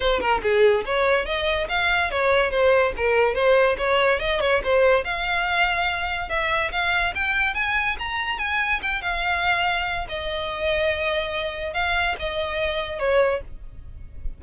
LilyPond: \new Staff \with { instrumentName = "violin" } { \time 4/4 \tempo 4 = 143 c''8 ais'8 gis'4 cis''4 dis''4 | f''4 cis''4 c''4 ais'4 | c''4 cis''4 dis''8 cis''8 c''4 | f''2. e''4 |
f''4 g''4 gis''4 ais''4 | gis''4 g''8 f''2~ f''8 | dis''1 | f''4 dis''2 cis''4 | }